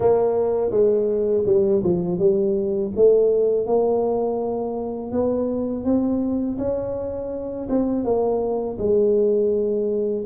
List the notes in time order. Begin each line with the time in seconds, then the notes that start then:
0.00 A#3
0.71 G#3
1.45 G3
1.83 F3
2.18 G3
2.96 A3
3.66 A#3
5.11 B3
5.84 C4
6.58 C#4
7.69 C4
8.04 A#3
8.78 G#3